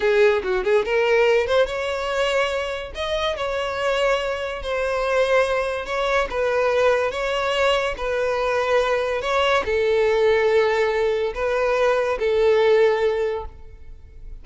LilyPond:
\new Staff \with { instrumentName = "violin" } { \time 4/4 \tempo 4 = 143 gis'4 fis'8 gis'8 ais'4. c''8 | cis''2. dis''4 | cis''2. c''4~ | c''2 cis''4 b'4~ |
b'4 cis''2 b'4~ | b'2 cis''4 a'4~ | a'2. b'4~ | b'4 a'2. | }